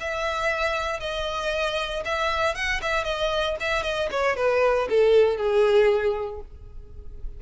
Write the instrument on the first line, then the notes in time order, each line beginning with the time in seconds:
violin
0.00 E5
1.00 D#5
2.05 E5
2.55 F#5
2.82 E5
3.04 D#5
3.60 E5
3.83 D#5
4.11 C#5
4.36 B4
4.89 A4
5.37 G#4